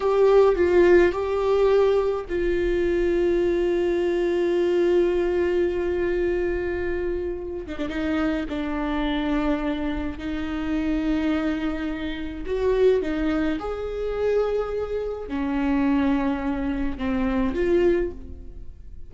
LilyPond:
\new Staff \with { instrumentName = "viola" } { \time 4/4 \tempo 4 = 106 g'4 f'4 g'2 | f'1~ | f'1~ | f'4. dis'16 d'16 dis'4 d'4~ |
d'2 dis'2~ | dis'2 fis'4 dis'4 | gis'2. cis'4~ | cis'2 c'4 f'4 | }